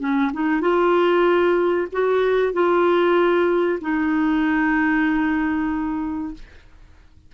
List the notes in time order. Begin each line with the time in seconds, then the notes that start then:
0.00 C#4
0.33 D#4
0.61 F4
1.92 F#4
2.53 F4
3.82 D#4